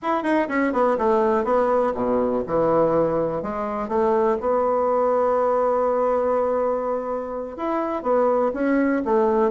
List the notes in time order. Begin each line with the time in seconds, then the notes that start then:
0.02 E4
0.23 D#4
0.48 C#4
0.73 B3
0.98 A3
1.44 B3
1.94 B2
2.46 E3
3.42 G#3
3.88 A3
4.40 B3
7.57 E4
8.02 B3
8.53 C#4
9.05 A3